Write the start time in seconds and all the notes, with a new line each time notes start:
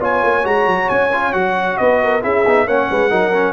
0.00 B3 F4 C#5 G#5
0.23 A#3
0.43 G#3 F#4 A#5
0.67 F#3
0.90 C#4 G#5
1.13 F4
1.33 F#3 F#4 F#5
1.77 B3 B4 D#5
2.03 A#4
2.22 C#4 E4 G#4 E5
2.47 B3 D#4
2.67 A#3 C#4 C#5 F#5
2.91 G#3 B4
3.10 F#3 D#4 A#4
3.34 C#4